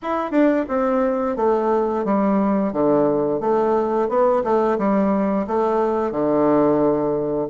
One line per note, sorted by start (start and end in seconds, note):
0.02 0.31 E4
0.31 0.65 D4
0.68 1.36 C4
1.36 2.04 A3
2.05 2.72 G3
2.72 3.40 D3
3.40 4.08 A3
4.08 4.43 B3
4.43 4.78 A3
4.78 5.46 G3
5.47 6.11 A3
6.11 7.48 D3